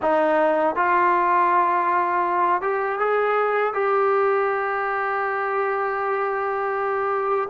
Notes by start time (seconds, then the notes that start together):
0.02 D#4
0.75 F4
2.61 G4
2.99 G#4
3.73 G4